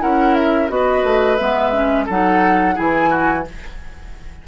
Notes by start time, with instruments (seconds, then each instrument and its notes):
0.00 bassoon C#4, clarinet E4, oboe A#4, flute F#5
0.34 flute E5
0.68 bassoon B3, clarinet F#4, oboe B4, flute D#5
1.03 bassoon A3
1.36 bassoon G#3, clarinet B3, flute E5
1.72 clarinet C#4
2.05 bassoon F#3, clarinet D#4, oboe A4, flute F#5
2.75 bassoon E3, clarinet E4, oboe G#4, flute G#5
3.10 oboe F#4